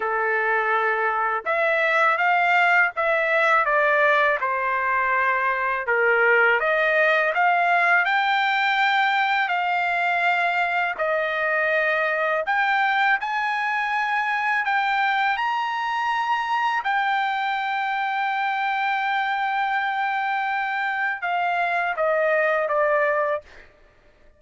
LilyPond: \new Staff \with { instrumentName = "trumpet" } { \time 4/4 \tempo 4 = 82 a'2 e''4 f''4 | e''4 d''4 c''2 | ais'4 dis''4 f''4 g''4~ | g''4 f''2 dis''4~ |
dis''4 g''4 gis''2 | g''4 ais''2 g''4~ | g''1~ | g''4 f''4 dis''4 d''4 | }